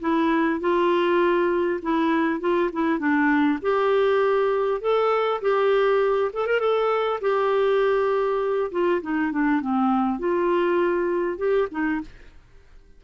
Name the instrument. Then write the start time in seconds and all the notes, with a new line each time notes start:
clarinet
0.00 E4
0.60 F4
1.82 E4
2.40 F4
2.73 E4
2.99 D4
3.62 G4
4.81 A4
5.41 G4
6.33 A4
6.47 A#4
6.60 A4
7.21 G4
8.71 F4
9.02 D#4
9.32 D4
9.61 C4
10.19 F4
11.38 G4
11.71 D#4